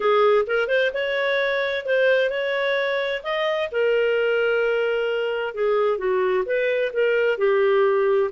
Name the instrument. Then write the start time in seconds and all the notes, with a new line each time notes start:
clarinet
0.00 G#4
0.46 A#4
0.68 C5
0.93 C#5
1.85 C5
2.30 C#5
3.23 D#5
3.71 A#4
5.54 G#4
5.98 F#4
6.45 B4
6.93 A#4
7.38 G4